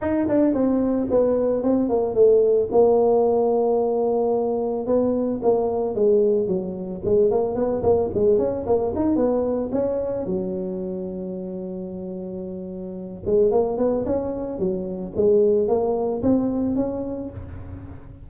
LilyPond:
\new Staff \with { instrumentName = "tuba" } { \time 4/4 \tempo 4 = 111 dis'8 d'8 c'4 b4 c'8 ais8 | a4 ais2.~ | ais4 b4 ais4 gis4 | fis4 gis8 ais8 b8 ais8 gis8 cis'8 |
ais8 dis'8 b4 cis'4 fis4~ | fis1~ | fis8 gis8 ais8 b8 cis'4 fis4 | gis4 ais4 c'4 cis'4 | }